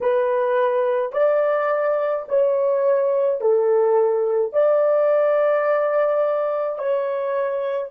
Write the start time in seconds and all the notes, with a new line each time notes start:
0.01 B4
1.12 D5
2.28 C#5
3.40 A4
4.52 D5
6.78 C#5